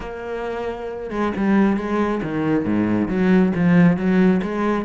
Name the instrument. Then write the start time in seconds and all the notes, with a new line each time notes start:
cello
0.00 A#3
1.10 G#3
1.36 G3
1.76 G#3
2.22 D#3
2.64 G#2
3.08 F#3
3.55 F3
3.96 F#3
4.42 G#3